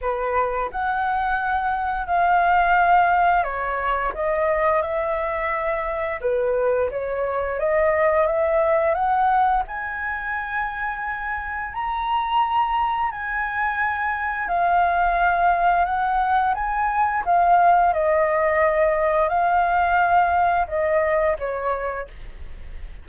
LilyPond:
\new Staff \with { instrumentName = "flute" } { \time 4/4 \tempo 4 = 87 b'4 fis''2 f''4~ | f''4 cis''4 dis''4 e''4~ | e''4 b'4 cis''4 dis''4 | e''4 fis''4 gis''2~ |
gis''4 ais''2 gis''4~ | gis''4 f''2 fis''4 | gis''4 f''4 dis''2 | f''2 dis''4 cis''4 | }